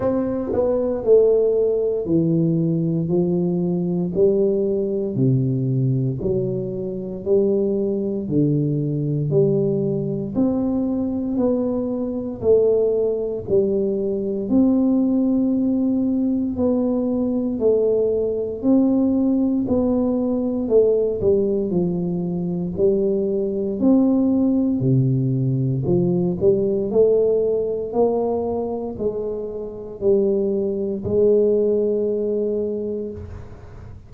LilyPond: \new Staff \with { instrumentName = "tuba" } { \time 4/4 \tempo 4 = 58 c'8 b8 a4 e4 f4 | g4 c4 fis4 g4 | d4 g4 c'4 b4 | a4 g4 c'2 |
b4 a4 c'4 b4 | a8 g8 f4 g4 c'4 | c4 f8 g8 a4 ais4 | gis4 g4 gis2 | }